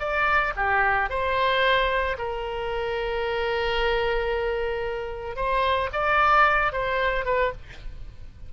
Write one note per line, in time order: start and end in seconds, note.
0.00 0.54 D5
0.56 1.10 G4
1.10 2.17 C5
2.19 5.37 A#4
5.37 5.90 C5
5.93 6.73 D5
6.73 7.26 C5
7.26 7.53 B4